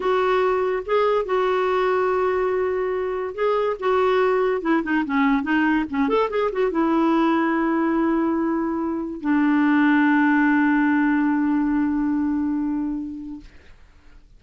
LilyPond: \new Staff \with { instrumentName = "clarinet" } { \time 4/4 \tempo 4 = 143 fis'2 gis'4 fis'4~ | fis'1 | gis'4 fis'2 e'8 dis'8 | cis'4 dis'4 cis'8 a'8 gis'8 fis'8 |
e'1~ | e'2 d'2~ | d'1~ | d'1 | }